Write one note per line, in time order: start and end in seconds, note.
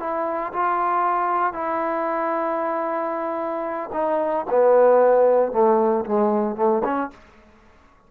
0.00 0.53 E4
0.53 1.53 F4
1.53 3.90 E4
3.93 4.46 D#4
4.50 5.52 B3
5.52 6.05 A3
6.06 6.56 G#3
6.56 6.83 A3
6.84 7.11 C#4